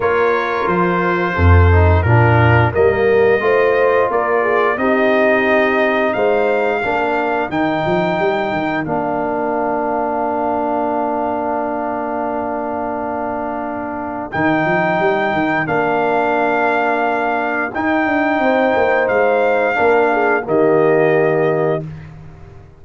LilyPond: <<
  \new Staff \with { instrumentName = "trumpet" } { \time 4/4 \tempo 4 = 88 cis''4 c''2 ais'4 | dis''2 d''4 dis''4~ | dis''4 f''2 g''4~ | g''4 f''2.~ |
f''1~ | f''4 g''2 f''4~ | f''2 g''2 | f''2 dis''2 | }
  \new Staff \with { instrumentName = "horn" } { \time 4/4 ais'2 a'4 f'4 | ais'4 c''4 ais'8 gis'8 g'4~ | g'4 c''4 ais'2~ | ais'1~ |
ais'1~ | ais'1~ | ais'2. c''4~ | c''4 ais'8 gis'8 g'2 | }
  \new Staff \with { instrumentName = "trombone" } { \time 4/4 f'2~ f'8 dis'8 d'4 | ais4 f'2 dis'4~ | dis'2 d'4 dis'4~ | dis'4 d'2.~ |
d'1~ | d'4 dis'2 d'4~ | d'2 dis'2~ | dis'4 d'4 ais2 | }
  \new Staff \with { instrumentName = "tuba" } { \time 4/4 ais4 f4 f,4 ais,4 | g4 a4 ais4 c'4~ | c'4 gis4 ais4 dis8 f8 | g8 dis8 ais2.~ |
ais1~ | ais4 dis8 f8 g8 dis8 ais4~ | ais2 dis'8 d'8 c'8 ais8 | gis4 ais4 dis2 | }
>>